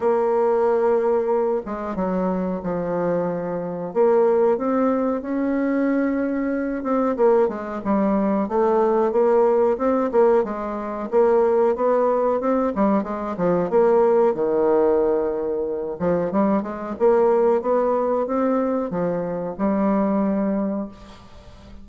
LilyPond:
\new Staff \with { instrumentName = "bassoon" } { \time 4/4 \tempo 4 = 92 ais2~ ais8 gis8 fis4 | f2 ais4 c'4 | cis'2~ cis'8 c'8 ais8 gis8 | g4 a4 ais4 c'8 ais8 |
gis4 ais4 b4 c'8 g8 | gis8 f8 ais4 dis2~ | dis8 f8 g8 gis8 ais4 b4 | c'4 f4 g2 | }